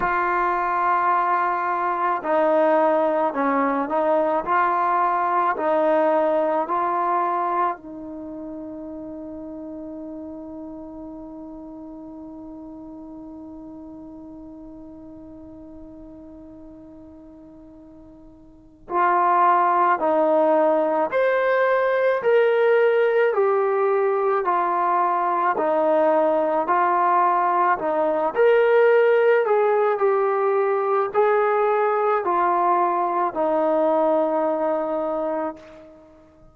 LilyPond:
\new Staff \with { instrumentName = "trombone" } { \time 4/4 \tempo 4 = 54 f'2 dis'4 cis'8 dis'8 | f'4 dis'4 f'4 dis'4~ | dis'1~ | dis'1~ |
dis'4 f'4 dis'4 c''4 | ais'4 g'4 f'4 dis'4 | f'4 dis'8 ais'4 gis'8 g'4 | gis'4 f'4 dis'2 | }